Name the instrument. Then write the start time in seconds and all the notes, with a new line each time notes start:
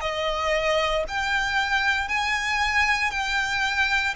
violin
0.00 D#5
1.08 G5
2.08 G#5
3.10 G5